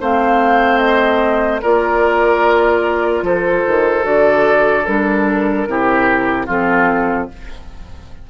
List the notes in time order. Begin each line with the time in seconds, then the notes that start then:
0.00 A3 C4 C5 F5
0.79 D#5
1.62 A#3 F4 A#4 D5
3.22 F3 A4 C5
3.67 D#3
4.03 D3 F#4 D5
4.86 G3 D4 A#4
5.67 C3 E4 G4
6.46 F3 C4 F4 A4